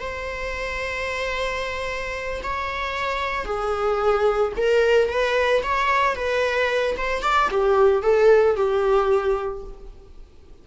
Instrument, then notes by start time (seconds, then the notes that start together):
viola
0.00 C5
2.44 C#5
3.45 G#4
4.57 A#4
5.09 B4
5.63 C#5
6.16 B4
6.97 C5
7.22 D5
7.51 G4
8.03 A4
8.56 G4